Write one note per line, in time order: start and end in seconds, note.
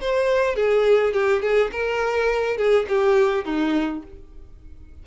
0.00 0.56 C5
0.56 1.13 G#4
1.13 1.42 G4
1.42 1.70 G#4
1.72 2.57 A#4
2.57 2.86 G#4
2.88 3.45 G4
3.45 4.02 D#4